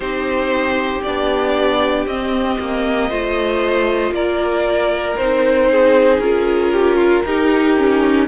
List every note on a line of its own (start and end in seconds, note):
0.00 1.00 C4
0.00 1.05 D#4
0.00 3.09 G4
0.00 1.01 C5
1.02 2.06 B3
1.02 2.08 D4
1.02 2.05 D5
2.06 2.58 C4
2.06 3.10 C4
2.06 4.13 D#5
2.59 3.10 A#3
3.09 4.11 A3
3.09 5.17 F4
3.09 4.12 C5
4.11 5.14 A#3
4.11 5.70 A#4
4.11 5.16 D5
5.16 6.18 C4
5.16 6.22 D#4
5.16 6.19 C5
5.70 6.72 G#4
6.18 7.22 C#4
6.18 7.25 F4
6.18 8.26 A#4
6.72 6.96 G4
6.96 7.22 F4
7.24 8.27 D#4
7.24 7.77 D#4
7.24 8.27 G4
7.77 8.27 C#4